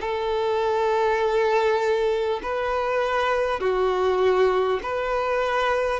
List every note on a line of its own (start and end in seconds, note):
0.00 2.40 A4
2.42 3.59 B4
3.59 4.79 F#4
4.82 5.99 B4